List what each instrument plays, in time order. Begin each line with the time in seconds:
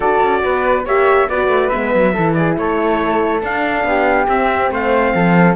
0.00 cello D4, horn F#4, flute A4, trumpet D5
0.22 cello C#4
0.43 cello B3, flute B4
0.85 cello A#3, horn G4, flute C#5, trumpet E5
1.29 cello B3, horn F#4, flute B4, trumpet D5
1.47 cello A3
1.69 cello G#3, horn B3, trumpet E5
1.94 cello F#3
2.13 cello E3, horn E4, flute A4
2.34 flute G#4, trumpet D5
2.57 cello A3, flute A4, trumpet C#5
3.42 horn D4, cello D4, trumpet F5
3.84 cello B3, flute G4
4.28 cello C4, horn C4, trumpet E5
4.70 cello A3, flute C5, trumpet F5
5.14 cello F3, flute A4